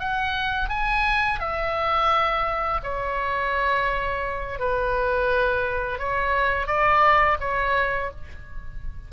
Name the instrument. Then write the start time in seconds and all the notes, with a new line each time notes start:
oboe
0.00 F#5
0.70 G#5
1.40 E5
2.84 C#5
4.59 B4
5.99 C#5
6.67 D5
7.41 C#5